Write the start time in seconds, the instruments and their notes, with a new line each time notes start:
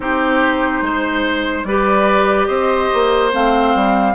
0.00 bassoon C4, clarinet D#4, oboe G4, flute C5
0.81 bassoon G#3, oboe C5
1.64 bassoon G3, clarinet G4, oboe B4, flute D5
2.46 bassoon C4, oboe C5, flute D#5
2.93 bassoon A#3
3.32 bassoon A3, clarinet C4, flute F5
3.74 bassoon G3